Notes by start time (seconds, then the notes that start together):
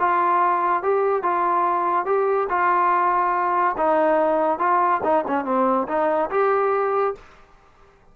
0.00 F4
0.83 G4
1.23 F4
2.06 G4
2.50 F4
3.78 D#4
4.59 F4
5.04 D#4
5.28 C#4
5.45 C4
5.88 D#4
6.31 G4